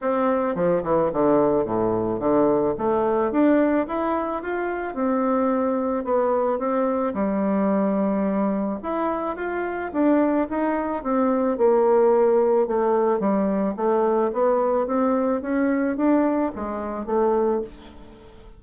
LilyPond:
\new Staff \with { instrumentName = "bassoon" } { \time 4/4 \tempo 4 = 109 c'4 f8 e8 d4 a,4 | d4 a4 d'4 e'4 | f'4 c'2 b4 | c'4 g2. |
e'4 f'4 d'4 dis'4 | c'4 ais2 a4 | g4 a4 b4 c'4 | cis'4 d'4 gis4 a4 | }